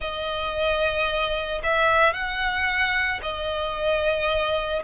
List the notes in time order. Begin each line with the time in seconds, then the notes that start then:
0.00 D#5
1.63 E5
2.13 F#5
3.22 D#5